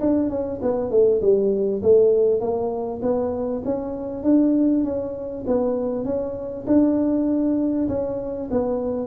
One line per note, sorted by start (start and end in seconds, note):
0.00 0.29 D4
0.29 0.60 C#4
0.62 0.91 B3
0.91 1.21 A3
1.21 1.82 G3
1.82 2.40 A3
2.40 3.01 A#3
3.02 3.62 B3
3.65 4.23 C#4
4.23 4.84 D4
4.84 5.44 C#4
5.47 6.04 B3
6.04 6.65 C#4
6.67 7.88 D4
7.88 8.49 C#4
8.51 9.06 B3